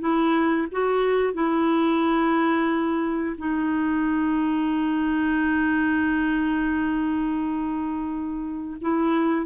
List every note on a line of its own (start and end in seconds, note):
0.00 0.67 E4
0.71 1.34 F#4
1.34 3.36 E4
3.38 8.77 D#4
8.81 9.46 E4